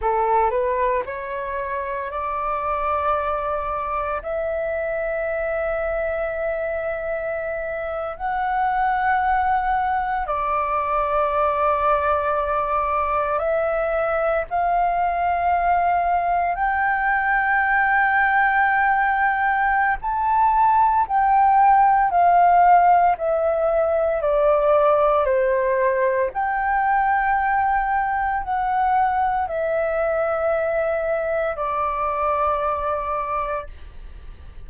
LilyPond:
\new Staff \with { instrumentName = "flute" } { \time 4/4 \tempo 4 = 57 a'8 b'8 cis''4 d''2 | e''2.~ e''8. fis''16~ | fis''4.~ fis''16 d''2~ d''16~ | d''8. e''4 f''2 g''16~ |
g''2. a''4 | g''4 f''4 e''4 d''4 | c''4 g''2 fis''4 | e''2 d''2 | }